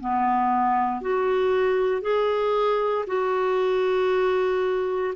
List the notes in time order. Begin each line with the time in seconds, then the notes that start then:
0.00 B3
1.02 F#4
2.02 G#4
3.07 F#4